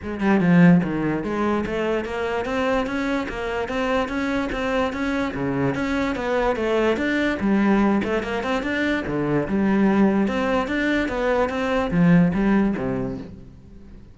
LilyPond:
\new Staff \with { instrumentName = "cello" } { \time 4/4 \tempo 4 = 146 gis8 g8 f4 dis4 gis4 | a4 ais4 c'4 cis'4 | ais4 c'4 cis'4 c'4 | cis'4 cis4 cis'4 b4 |
a4 d'4 g4. a8 | ais8 c'8 d'4 d4 g4~ | g4 c'4 d'4 b4 | c'4 f4 g4 c4 | }